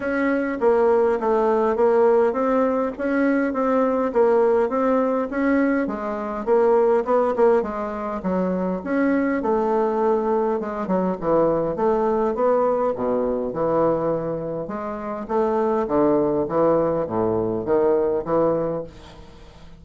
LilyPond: \new Staff \with { instrumentName = "bassoon" } { \time 4/4 \tempo 4 = 102 cis'4 ais4 a4 ais4 | c'4 cis'4 c'4 ais4 | c'4 cis'4 gis4 ais4 | b8 ais8 gis4 fis4 cis'4 |
a2 gis8 fis8 e4 | a4 b4 b,4 e4~ | e4 gis4 a4 d4 | e4 a,4 dis4 e4 | }